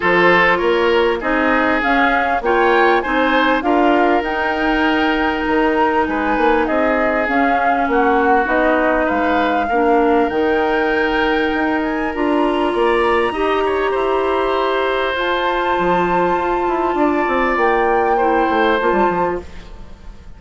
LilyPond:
<<
  \new Staff \with { instrumentName = "flute" } { \time 4/4 \tempo 4 = 99 c''4 cis''4 dis''4 f''4 | g''4 gis''4 f''4 g''4~ | g''4 ais''4 gis''4 dis''4 | f''4 fis''4 dis''4 f''4~ |
f''4 g''2~ g''8 gis''8 | ais''1~ | ais''4 a''2.~ | a''4 g''2 a''4 | }
  \new Staff \with { instrumentName = "oboe" } { \time 4/4 a'4 ais'4 gis'2 | cis''4 c''4 ais'2~ | ais'2 b'4 gis'4~ | gis'4 fis'2 b'4 |
ais'1~ | ais'4 d''4 dis''8 cis''8 c''4~ | c''1 | d''2 c''2 | }
  \new Staff \with { instrumentName = "clarinet" } { \time 4/4 f'2 dis'4 cis'4 | f'4 dis'4 f'4 dis'4~ | dis'1 | cis'2 dis'2 |
d'4 dis'2. | f'2 g'2~ | g'4 f'2.~ | f'2 e'4 f'4 | }
  \new Staff \with { instrumentName = "bassoon" } { \time 4/4 f4 ais4 c'4 cis'4 | ais4 c'4 d'4 dis'4~ | dis'4 dis4 gis8 ais8 c'4 | cis'4 ais4 b4 gis4 |
ais4 dis2 dis'4 | d'4 ais4 dis'4 e'4~ | e'4 f'4 f4 f'8 e'8 | d'8 c'8 ais4. a8 ais16 g16 f8 | }
>>